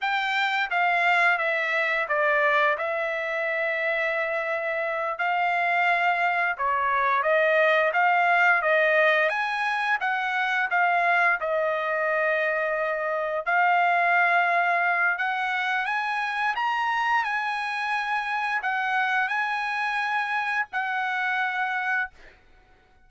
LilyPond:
\new Staff \with { instrumentName = "trumpet" } { \time 4/4 \tempo 4 = 87 g''4 f''4 e''4 d''4 | e''2.~ e''8 f''8~ | f''4. cis''4 dis''4 f''8~ | f''8 dis''4 gis''4 fis''4 f''8~ |
f''8 dis''2. f''8~ | f''2 fis''4 gis''4 | ais''4 gis''2 fis''4 | gis''2 fis''2 | }